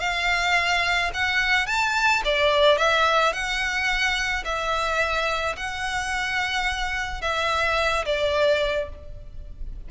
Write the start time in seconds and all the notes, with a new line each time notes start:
0.00 F5
1.14 F#5
1.67 A5
2.25 D5
2.78 E5
3.33 F#5
4.45 E5
5.57 F#5
7.22 E5
8.06 D5